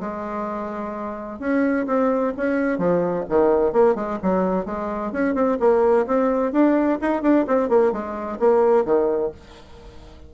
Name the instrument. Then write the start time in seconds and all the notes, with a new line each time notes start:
bassoon
0.00 G#3
1.39 C#4
1.86 C4
2.37 C#4
2.78 F3
3.29 D#3
3.72 A#3
3.95 G#3
4.22 F#3
4.65 G#3
5.12 C#4
5.34 C4
5.59 A#3
6.06 C4
6.52 D4
7.01 D#4
7.22 D4
7.47 C4
7.69 A#3
7.92 G#3
8.39 A#3
8.85 D#3